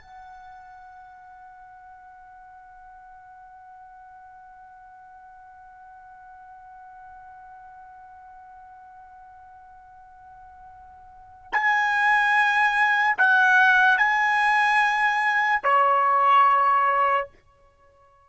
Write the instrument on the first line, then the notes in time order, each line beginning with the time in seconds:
trumpet
0.00 F#5
11.52 G#5
13.17 F#5
13.97 G#5
15.63 C#5